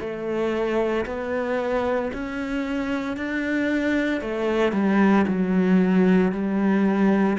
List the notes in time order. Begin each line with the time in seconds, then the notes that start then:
0.00 A3
1.06 B3
2.13 C#4
3.17 D4
4.21 A3
4.72 G3
5.28 F#3
6.32 G3